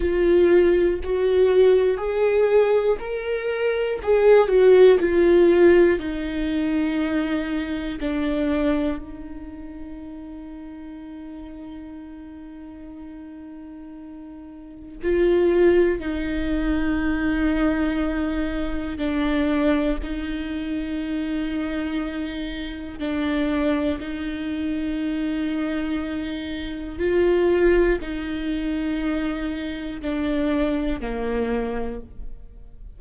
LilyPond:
\new Staff \with { instrumentName = "viola" } { \time 4/4 \tempo 4 = 60 f'4 fis'4 gis'4 ais'4 | gis'8 fis'8 f'4 dis'2 | d'4 dis'2.~ | dis'2. f'4 |
dis'2. d'4 | dis'2. d'4 | dis'2. f'4 | dis'2 d'4 ais4 | }